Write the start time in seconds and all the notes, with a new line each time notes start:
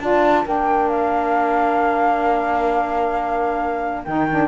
0.00 D4 F4 D5 A5
0.44 A#3 D4 A#4 G5
0.89 F5
4.05 D#3 D#4 G5
4.30 D4